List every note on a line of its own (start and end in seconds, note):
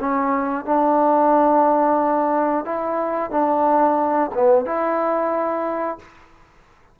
0.00 0.65 C#4
0.65 2.65 D4
2.65 3.31 E4
3.31 4.31 D4
4.34 4.65 B3
4.65 5.99 E4